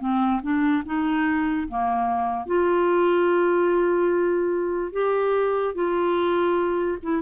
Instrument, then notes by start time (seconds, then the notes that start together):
clarinet
0.00 C4
0.42 D4
0.86 D#4
1.68 A#3
2.46 F4
4.92 G4
5.75 F4
7.03 E4